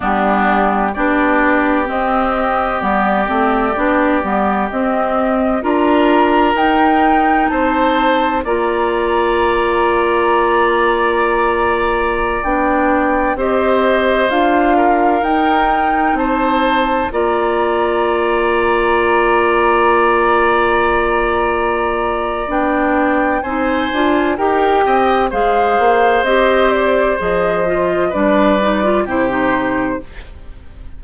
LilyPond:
<<
  \new Staff \with { instrumentName = "flute" } { \time 4/4 \tempo 4 = 64 g'4 d''4 dis''4 d''4~ | d''4 dis''4 ais''4 g''4 | a''4 ais''2.~ | ais''4~ ais''16 g''4 dis''4 f''8.~ |
f''16 g''4 a''4 ais''4.~ ais''16~ | ais''1 | g''4 gis''4 g''4 f''4 | dis''8 d''8 dis''4 d''4 c''4 | }
  \new Staff \with { instrumentName = "oboe" } { \time 4/4 d'4 g'2.~ | g'2 ais'2 | c''4 d''2.~ | d''2~ d''16 c''4. ais'16~ |
ais'4~ ais'16 c''4 d''4.~ d''16~ | d''1~ | d''4 c''4 ais'8 dis''8 c''4~ | c''2 b'4 g'4 | }
  \new Staff \with { instrumentName = "clarinet" } { \time 4/4 b4 d'4 c'4 b8 c'8 | d'8 b8 c'4 f'4 dis'4~ | dis'4 f'2.~ | f'4~ f'16 d'4 g'4 f'8.~ |
f'16 dis'2 f'4.~ f'16~ | f'1 | d'4 dis'8 f'8 g'4 gis'4 | g'4 gis'8 f'8 d'8 dis'16 f'16 e'16 dis'8. | }
  \new Staff \with { instrumentName = "bassoon" } { \time 4/4 g4 b4 c'4 g8 a8 | b8 g8 c'4 d'4 dis'4 | c'4 ais2.~ | ais4~ ais16 b4 c'4 d'8.~ |
d'16 dis'4 c'4 ais4.~ ais16~ | ais1 | b4 c'8 d'8 dis'8 c'8 gis8 ais8 | c'4 f4 g4 c4 | }
>>